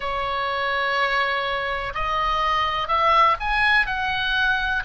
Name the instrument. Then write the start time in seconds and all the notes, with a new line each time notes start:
oboe
0.00 C#5
1.94 D#5
2.88 E5
3.40 G#5
3.86 F#5